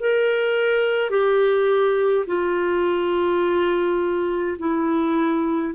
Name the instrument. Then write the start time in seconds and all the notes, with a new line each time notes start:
clarinet
0.00 A#4
1.10 G4
2.27 F4
4.59 E4